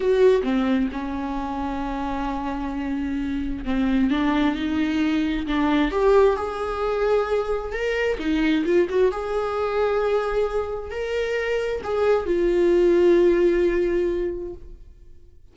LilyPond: \new Staff \with { instrumentName = "viola" } { \time 4/4 \tempo 4 = 132 fis'4 c'4 cis'2~ | cis'1 | c'4 d'4 dis'2 | d'4 g'4 gis'2~ |
gis'4 ais'4 dis'4 f'8 fis'8 | gis'1 | ais'2 gis'4 f'4~ | f'1 | }